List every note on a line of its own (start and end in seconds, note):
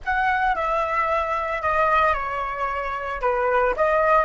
0.04 0.55 F#5
0.55 1.62 E5
1.62 2.13 D#5
2.13 3.20 C#5
3.21 3.74 B4
3.76 4.24 D#5